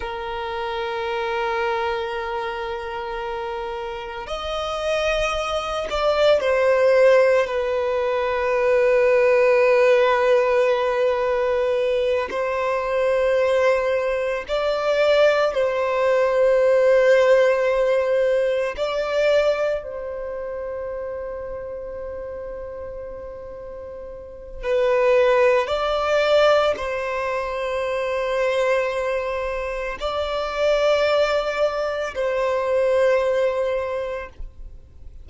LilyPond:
\new Staff \with { instrumentName = "violin" } { \time 4/4 \tempo 4 = 56 ais'1 | dis''4. d''8 c''4 b'4~ | b'2.~ b'8 c''8~ | c''4. d''4 c''4.~ |
c''4. d''4 c''4.~ | c''2. b'4 | d''4 c''2. | d''2 c''2 | }